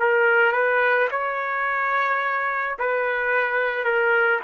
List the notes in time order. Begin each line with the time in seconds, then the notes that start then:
0.00 A#4
0.53 B4
1.11 C#5
2.79 B4
3.85 A#4